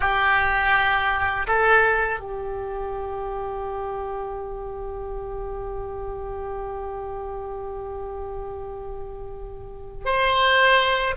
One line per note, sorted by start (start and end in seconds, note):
0.00 1.46 G4
1.47 2.20 A4
2.20 10.05 G4
10.05 11.15 C5